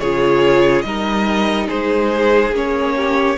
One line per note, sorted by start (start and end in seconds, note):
0.00 0.84 C#3
0.00 0.85 F4
0.00 0.86 G#4
0.00 0.82 C#5
0.82 1.68 G3
0.82 2.54 D#4
0.82 1.67 A#4
0.82 1.67 D#5
1.67 2.51 G#3
1.67 2.94 G#4
1.67 2.54 C5
2.51 3.36 A#3
2.51 3.38 C#4
2.51 3.38 C#5
2.97 3.38 G4